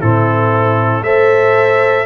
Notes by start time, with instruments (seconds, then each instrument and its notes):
0.00 tuba A2, trombone C4, horn E4, trumpet A4
1.03 tuba A3, trombone A4, horn C5, trumpet E5